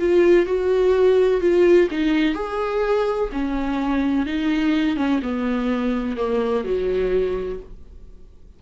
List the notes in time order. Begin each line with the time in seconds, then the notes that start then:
0.00 F4
0.47 F#4
1.41 F4
1.91 D#4
2.35 G#4
3.33 C#4
4.26 D#4
4.97 C#4
5.23 B3
6.17 A#3
6.65 F#3